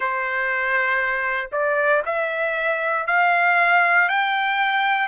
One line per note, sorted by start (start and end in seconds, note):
0.00 1.50 C5
1.52 2.02 D5
2.05 3.06 E5
3.06 4.08 F5
4.08 5.08 G5